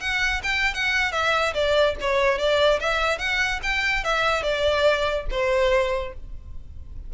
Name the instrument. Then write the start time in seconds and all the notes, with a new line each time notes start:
violin
0.00 F#5
0.43 G5
0.74 F#5
1.12 E5
1.53 D5
2.00 C#5
2.38 D5
2.80 E5
3.18 F#5
3.62 G5
4.03 E5
4.43 D5
5.31 C5